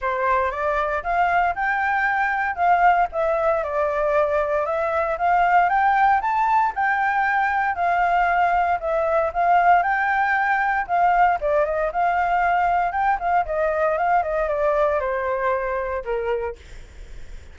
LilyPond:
\new Staff \with { instrumentName = "flute" } { \time 4/4 \tempo 4 = 116 c''4 d''4 f''4 g''4~ | g''4 f''4 e''4 d''4~ | d''4 e''4 f''4 g''4 | a''4 g''2 f''4~ |
f''4 e''4 f''4 g''4~ | g''4 f''4 d''8 dis''8 f''4~ | f''4 g''8 f''8 dis''4 f''8 dis''8 | d''4 c''2 ais'4 | }